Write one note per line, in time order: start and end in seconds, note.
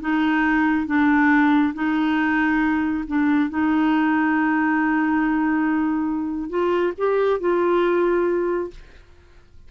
0.00 0.86 D#4
0.86 1.73 D4
1.74 3.04 D#4
3.07 3.49 D4
3.49 6.49 D#4
6.49 6.93 F4
6.97 7.40 G4
7.40 8.70 F4